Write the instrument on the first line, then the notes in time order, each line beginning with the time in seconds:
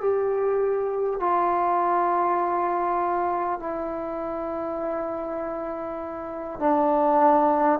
trombone
0.00 G4
1.20 F4
3.59 E4
6.59 D4